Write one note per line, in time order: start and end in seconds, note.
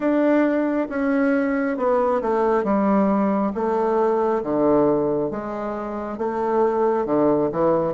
0.00 0.87 D4
0.89 1.76 C#4
1.76 2.21 B3
2.21 2.64 A3
2.64 3.52 G3
3.54 4.42 A3
4.43 5.30 D3
5.30 6.18 G#3
6.18 7.05 A3
7.05 7.50 D3
7.52 7.93 E3